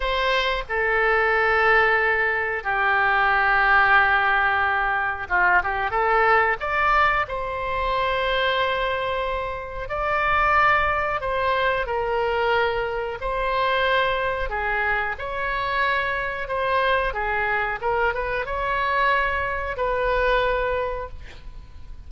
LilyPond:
\new Staff \with { instrumentName = "oboe" } { \time 4/4 \tempo 4 = 91 c''4 a'2. | g'1 | f'8 g'8 a'4 d''4 c''4~ | c''2. d''4~ |
d''4 c''4 ais'2 | c''2 gis'4 cis''4~ | cis''4 c''4 gis'4 ais'8 b'8 | cis''2 b'2 | }